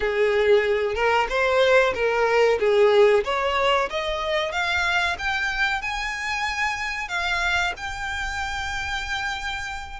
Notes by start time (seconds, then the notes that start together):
0.00 G#4
0.94 A#4
1.29 C5
1.94 A#4
2.59 G#4
3.24 C#5
3.90 D#5
4.52 F5
5.18 G5
5.81 G#5
7.08 F5
7.77 G5